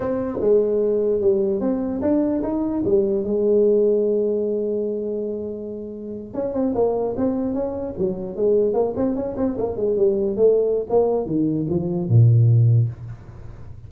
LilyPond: \new Staff \with { instrumentName = "tuba" } { \time 4/4 \tempo 4 = 149 c'4 gis2 g4 | c'4 d'4 dis'4 g4 | gis1~ | gis2.~ gis8. cis'16~ |
cis'16 c'8 ais4 c'4 cis'4 fis16~ | fis8. gis4 ais8 c'8 cis'8 c'8 ais16~ | ais16 gis8 g4 a4~ a16 ais4 | dis4 f4 ais,2 | }